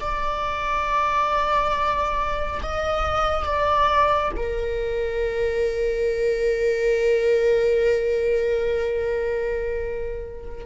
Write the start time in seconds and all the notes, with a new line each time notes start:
0.00 D5
2.62 D#5
3.44 D5
4.36 A#4